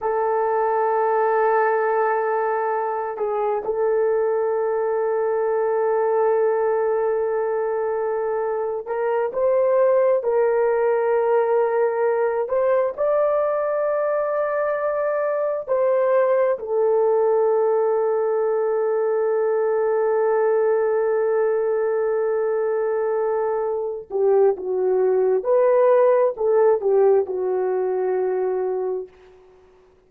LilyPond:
\new Staff \with { instrumentName = "horn" } { \time 4/4 \tempo 4 = 66 a'2.~ a'8 gis'8 | a'1~ | a'4.~ a'16 ais'8 c''4 ais'8.~ | ais'4.~ ais'16 c''8 d''4.~ d''16~ |
d''4~ d''16 c''4 a'4.~ a'16~ | a'1~ | a'2~ a'8 g'8 fis'4 | b'4 a'8 g'8 fis'2 | }